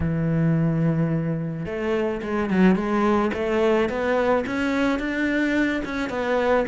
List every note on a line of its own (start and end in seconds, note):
0.00 1.65 E3
1.65 2.21 A3
2.22 2.49 G#3
2.49 2.75 F#3
2.75 3.31 G#3
3.33 3.89 A3
3.89 4.44 B3
4.46 4.99 C#4
4.99 5.82 D4
5.84 6.09 C#4
6.09 6.65 B3